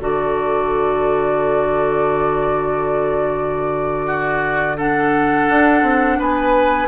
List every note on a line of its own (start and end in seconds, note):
0.00 5.47 D3
0.00 4.76 F#4
0.00 4.05 A4
0.00 4.78 D5
4.05 4.76 F#4
4.77 6.87 D4
4.77 6.18 A4
4.77 6.19 F#5
5.49 5.82 D4
5.82 6.17 C4
6.18 6.87 B3
6.18 6.87 B4
6.18 6.87 G#5